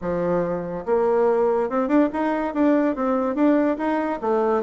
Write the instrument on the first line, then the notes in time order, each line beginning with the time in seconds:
bassoon
0.01 F3
0.85 A#3
1.69 C4
1.88 D4
2.12 D#4
2.53 D4
2.95 C4
3.35 D4
3.77 D#4
4.21 A3